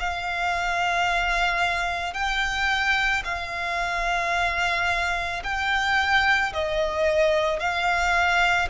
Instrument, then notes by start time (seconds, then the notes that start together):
violin
0.00 F5
2.14 G5
3.25 F5
5.44 G5
6.54 D#5
7.60 F5